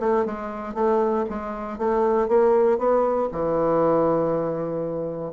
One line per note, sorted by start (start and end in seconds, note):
0.00 0.25 A3
0.26 0.74 G#3
0.74 1.25 A3
1.29 1.78 G#3
1.78 2.28 A3
2.28 2.78 A#3
2.78 3.29 B3
3.32 5.33 E3